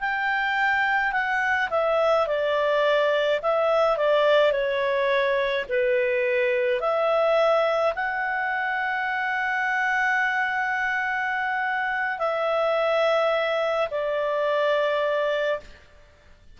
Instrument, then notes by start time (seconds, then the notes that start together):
clarinet
0.00 G5
1.12 F#5
1.70 E5
2.27 D5
3.42 E5
3.97 D5
4.51 C#5
5.69 B4
6.80 E5
7.95 F#5
12.18 E5
13.90 D5